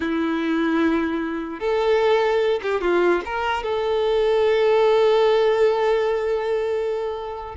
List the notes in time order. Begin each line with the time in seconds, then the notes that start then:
0.00 E4
1.59 A4
2.62 G4
2.81 F4
3.25 A#4
3.63 A4